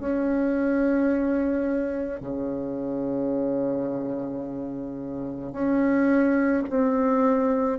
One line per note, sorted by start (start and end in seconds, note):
0.00 2.21 C#4
2.21 5.53 C#3
5.53 6.64 C#4
6.70 7.79 C4